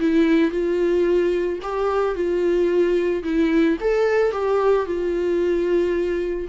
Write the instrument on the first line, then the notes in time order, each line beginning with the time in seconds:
viola
0.00 E4
0.52 F4
1.63 G4
2.15 F4
3.24 E4
3.81 A4
4.32 G4
4.86 F4